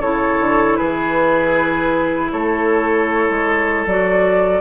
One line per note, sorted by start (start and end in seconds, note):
0.00 0.38 C#3
0.00 3.87 E4
0.00 0.78 A4
0.00 0.77 C#5
0.40 0.78 D3
0.77 2.33 E3
0.77 2.32 G#4
0.77 2.31 B4
2.32 3.29 A3
2.32 4.61 A4
2.32 3.86 C#5
3.30 3.86 G#3
3.86 4.61 F#3
3.86 4.61 F#4
3.86 4.61 D5